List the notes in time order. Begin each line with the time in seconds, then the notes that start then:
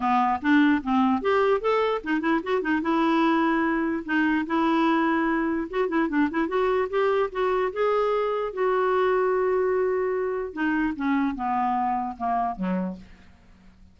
0.00 B3
0.41 D4
0.83 C4
1.21 G4
1.61 A4
2.03 D#4
2.20 E4
2.43 F#4
2.61 D#4
2.82 E4
4.05 D#4
4.46 E4
5.70 F#4
5.88 E4
6.08 D4
6.30 E4
6.48 F#4
6.89 G4
7.31 F#4
7.72 G#4
8.53 F#4
10.53 D#4
10.96 C#4
11.35 B3
12.17 A#3
12.55 F#3